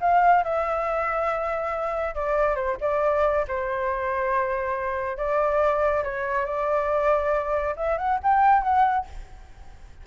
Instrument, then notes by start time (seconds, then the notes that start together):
flute
0.00 F5
0.43 E5
2.14 D5
2.55 C5
2.80 D5
3.47 C5
5.17 D5
6.03 C#5
6.45 D5
7.76 E5
7.97 F#5
8.22 G5
8.62 F#5